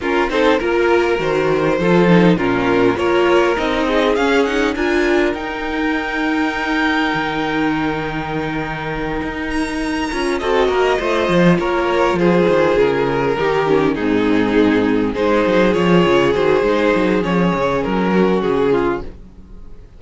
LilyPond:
<<
  \new Staff \with { instrumentName = "violin" } { \time 4/4 \tempo 4 = 101 ais'8 c''8 ais'4 c''2 | ais'4 cis''4 dis''4 f''8 fis''8 | gis''4 g''2.~ | g''1 |
ais''4. dis''2 cis''8~ | cis''8 c''4 ais'2 gis'8~ | gis'4. c''4 cis''4 c''8~ | c''4 cis''4 ais'4 gis'4 | }
  \new Staff \with { instrumentName = "violin" } { \time 4/4 f'8 a'8 ais'2 a'4 | f'4 ais'4. gis'4. | ais'1~ | ais'1~ |
ais'4. a'8 ais'8 c''4 ais'8~ | ais'8 gis'2 g'4 dis'8~ | dis'4. gis'2~ gis'8~ | gis'2~ gis'8 fis'4 f'8 | }
  \new Staff \with { instrumentName = "viola" } { \time 4/4 cis'8 dis'8 f'4 fis'4 f'8 dis'8 | cis'4 f'4 dis'4 cis'8 dis'8 | f'4 dis'2.~ | dis'1~ |
dis'4 f'8 fis'4 f'4.~ | f'2~ f'8 dis'8 cis'8 c'8~ | c'4. dis'4 f'4 fis'8 | dis'4 cis'2. | }
  \new Staff \with { instrumentName = "cello" } { \time 4/4 cis'8 c'8 ais4 dis4 f4 | ais,4 ais4 c'4 cis'4 | d'4 dis'2. | dis2.~ dis8 dis'8~ |
dis'4 cis'8 c'8 ais8 a8 f8 ais8~ | ais8 f8 dis8 cis4 dis4 gis,8~ | gis,4. gis8 fis8 f8 cis8 dis8 | gis8 fis8 f8 cis8 fis4 cis4 | }
>>